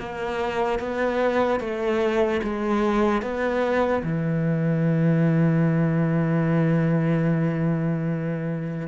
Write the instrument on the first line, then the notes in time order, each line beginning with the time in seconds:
cello
0.00 A#3
0.80 B3
1.60 A3
2.44 G#3
3.22 B3
4.04 E3